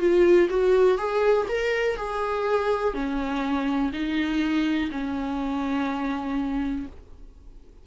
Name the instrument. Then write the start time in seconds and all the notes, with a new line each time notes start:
viola
0.00 F4
0.50 F#4
0.98 G#4
1.49 A#4
1.97 G#4
2.94 C#4
3.93 D#4
4.92 C#4